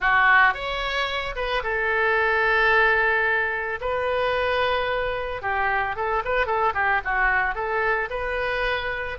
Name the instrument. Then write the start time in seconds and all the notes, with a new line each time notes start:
oboe
0.00 F#4
0.54 C#5
1.35 B4
1.63 A4
3.80 B4
5.42 G4
5.96 A4
6.24 B4
6.46 A4
6.74 G4
7.04 F#4
7.54 A4
8.10 B4